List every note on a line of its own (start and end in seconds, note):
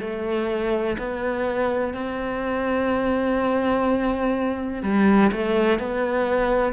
0.00 0.97 A3
0.98 1.94 B3
1.94 4.83 C4
4.83 5.31 G3
5.32 5.79 A3
5.79 6.73 B3